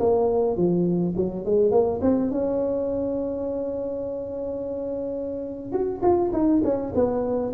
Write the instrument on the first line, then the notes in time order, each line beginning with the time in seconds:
tuba
0.00 A#3
0.57 F3
1.17 F#3
1.46 G#3
1.72 A#3
2.02 C4
2.31 C#4
5.73 F#4
6.03 F4
6.33 D#4
6.64 C#4
6.95 B3